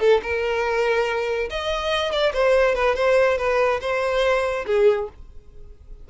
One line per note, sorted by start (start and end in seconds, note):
0.00 0.21 A4
0.23 1.49 A#4
1.50 2.12 D#5
2.12 2.33 D5
2.34 2.75 C5
2.75 2.96 B4
2.96 3.38 C5
3.38 3.80 B4
3.81 4.65 C5
4.67 5.09 G#4